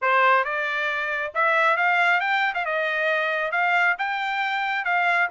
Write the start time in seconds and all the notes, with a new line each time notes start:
0.01 C5
0.44 D5
1.34 E5
1.76 F5
2.20 G5
2.54 F5
2.65 D#5
3.51 F5
3.98 G5
4.84 F5